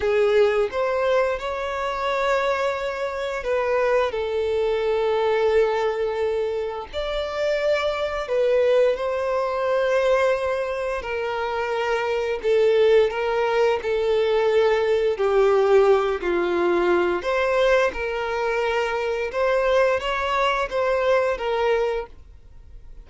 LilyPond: \new Staff \with { instrumentName = "violin" } { \time 4/4 \tempo 4 = 87 gis'4 c''4 cis''2~ | cis''4 b'4 a'2~ | a'2 d''2 | b'4 c''2. |
ais'2 a'4 ais'4 | a'2 g'4. f'8~ | f'4 c''4 ais'2 | c''4 cis''4 c''4 ais'4 | }